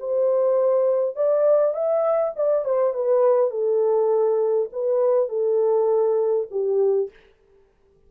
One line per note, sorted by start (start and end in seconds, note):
0.00 1.16 C5
1.16 1.74 D5
1.74 2.34 E5
2.37 2.65 D5
2.65 2.94 C5
2.94 3.51 B4
3.51 4.70 A4
4.73 5.29 B4
5.29 6.48 A4
6.51 7.11 G4